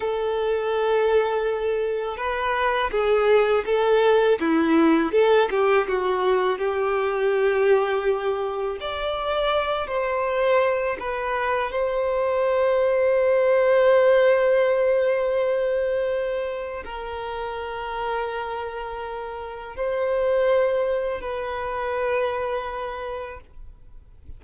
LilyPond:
\new Staff \with { instrumentName = "violin" } { \time 4/4 \tempo 4 = 82 a'2. b'4 | gis'4 a'4 e'4 a'8 g'8 | fis'4 g'2. | d''4. c''4. b'4 |
c''1~ | c''2. ais'4~ | ais'2. c''4~ | c''4 b'2. | }